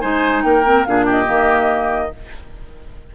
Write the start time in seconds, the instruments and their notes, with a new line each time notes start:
0.00 bassoon G#3, clarinet D#4, oboe C5, flute G#5
0.43 bassoon A#3, oboe A#4, flute G5
0.64 clarinet C4
0.85 bassoon A#2, clarinet D4, oboe G#4, flute F5
1.05 oboe G4, flute D#5
1.25 bassoon D#3, clarinet A#3